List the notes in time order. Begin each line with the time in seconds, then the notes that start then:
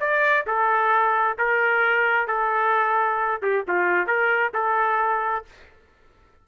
0.00 D5
0.46 A4
1.38 A#4
2.27 A4
3.42 G4
3.68 F4
4.07 A#4
4.54 A4